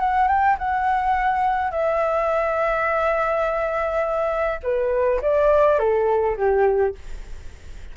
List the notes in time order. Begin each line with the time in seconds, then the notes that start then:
0.00 F#5
0.28 G5
0.59 F#5
1.72 E5
4.63 B4
5.22 D5
5.79 A4
6.37 G4